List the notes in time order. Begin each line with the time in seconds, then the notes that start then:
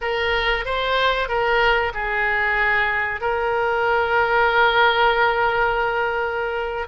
0.01 A#4
0.65 C5
1.28 A#4
1.94 G#4
3.20 A#4